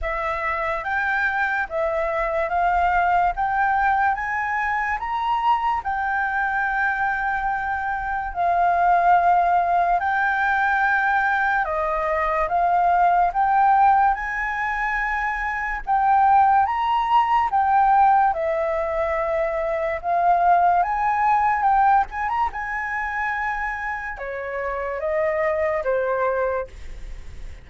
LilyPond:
\new Staff \with { instrumentName = "flute" } { \time 4/4 \tempo 4 = 72 e''4 g''4 e''4 f''4 | g''4 gis''4 ais''4 g''4~ | g''2 f''2 | g''2 dis''4 f''4 |
g''4 gis''2 g''4 | ais''4 g''4 e''2 | f''4 gis''4 g''8 gis''16 ais''16 gis''4~ | gis''4 cis''4 dis''4 c''4 | }